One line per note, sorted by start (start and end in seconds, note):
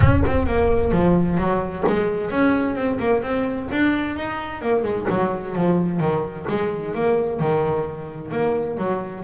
0.00 0.22 C#4
0.26 0.46 C4
0.46 0.91 A#3
0.91 1.37 F3
1.37 1.83 F#3
1.87 2.30 G#3
2.30 2.75 C#4
2.75 2.98 C4
2.99 3.22 A#3
3.22 3.68 C4
3.71 4.16 D4
4.16 4.61 D#4
4.61 4.83 A#3
4.83 5.06 G#3
5.09 5.55 F#3
5.55 5.99 F3
5.99 6.46 D#3
6.48 6.94 G#3
6.94 7.39 A#3
7.39 8.31 D#3
8.31 8.77 A#3
8.77 9.23 F#3